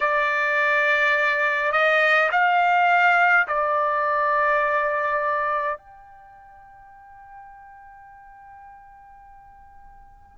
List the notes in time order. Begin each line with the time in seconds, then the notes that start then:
0.00 D5
1.72 D#5
2.31 F5
3.47 D5
5.77 G5